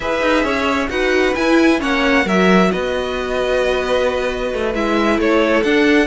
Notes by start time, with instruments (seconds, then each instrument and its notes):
0.00 cello E4, viola G#4, violin B4 E5
0.22 cello D#4
0.43 cello C#4, violin C#5
0.88 cello D#4, viola F#4, violin B4 F#5
1.35 cello E4, viola E4, violin G#5
1.78 cello A#3, viola C#4, violin C#5 F#5
2.24 cello F#3, viola F#4, violin A#4 E5
2.71 cello B3, violin B4 D#5
4.53 cello A3
4.74 cello G#3, viola E4, violin E5
5.18 cello A3, violin A4 C#5
5.63 cello D4, viola D4, violin F#5